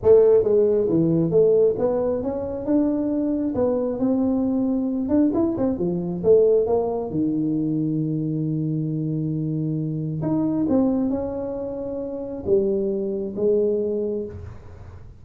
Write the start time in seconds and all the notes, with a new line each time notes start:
0.02 A3
0.43 G#3
0.89 E3
1.30 A3
1.78 B3
2.22 C#4
2.65 D4
3.55 B3
3.99 C4
5.08 D4
5.34 E4
5.57 C4
5.78 F3
6.23 A3
6.66 A#3
7.10 D#3
10.22 D#4
10.68 C4
11.10 C#4
12.46 G3
13.36 G#3